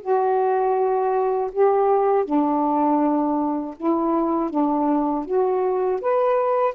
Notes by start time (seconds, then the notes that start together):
0.00 F#4
1.51 G4
2.25 D4
3.76 E4
4.50 D4
5.25 F#4
6.01 B4